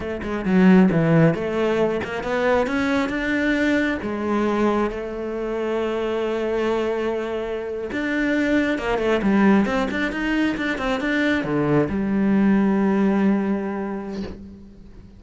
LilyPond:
\new Staff \with { instrumentName = "cello" } { \time 4/4 \tempo 4 = 135 a8 gis8 fis4 e4 a4~ | a8 ais8 b4 cis'4 d'4~ | d'4 gis2 a4~ | a1~ |
a4.~ a16 d'2 ais16~ | ais16 a8 g4 c'8 d'8 dis'4 d'16~ | d'16 c'8 d'4 d4 g4~ g16~ | g1 | }